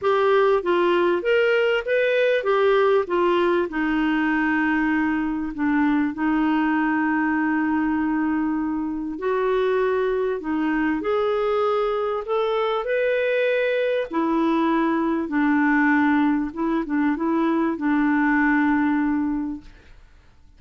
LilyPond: \new Staff \with { instrumentName = "clarinet" } { \time 4/4 \tempo 4 = 98 g'4 f'4 ais'4 b'4 | g'4 f'4 dis'2~ | dis'4 d'4 dis'2~ | dis'2. fis'4~ |
fis'4 dis'4 gis'2 | a'4 b'2 e'4~ | e'4 d'2 e'8 d'8 | e'4 d'2. | }